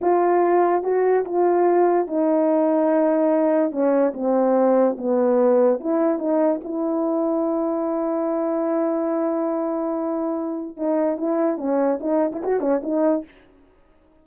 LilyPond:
\new Staff \with { instrumentName = "horn" } { \time 4/4 \tempo 4 = 145 f'2 fis'4 f'4~ | f'4 dis'2.~ | dis'4 cis'4 c'2 | b2 e'4 dis'4 |
e'1~ | e'1~ | e'2 dis'4 e'4 | cis'4 dis'8. e'16 fis'8 cis'8 dis'4 | }